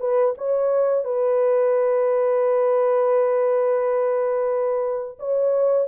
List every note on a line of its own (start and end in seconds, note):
0.00 0.34 B4
0.38 1.05 C#5
1.05 5.18 B4
5.19 5.88 C#5